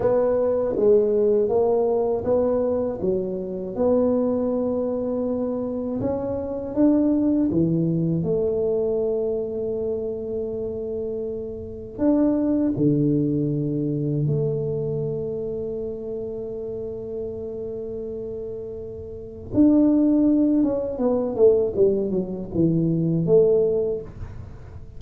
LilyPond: \new Staff \with { instrumentName = "tuba" } { \time 4/4 \tempo 4 = 80 b4 gis4 ais4 b4 | fis4 b2. | cis'4 d'4 e4 a4~ | a1 |
d'4 d2 a4~ | a1~ | a2 d'4. cis'8 | b8 a8 g8 fis8 e4 a4 | }